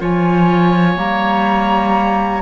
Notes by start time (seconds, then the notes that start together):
0.00 F3 F4 C#5 G#5
0.96 G3 A#3 A#5